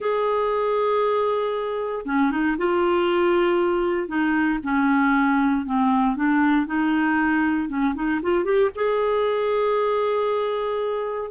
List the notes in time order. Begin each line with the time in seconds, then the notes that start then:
0.00 G#4
2.05 C#4
2.31 D#4
2.57 F4
4.08 D#4
4.63 C#4
5.65 C4
6.16 D4
6.66 D#4
7.69 C#4
7.94 D#4
8.22 F4
8.44 G4
8.75 G#4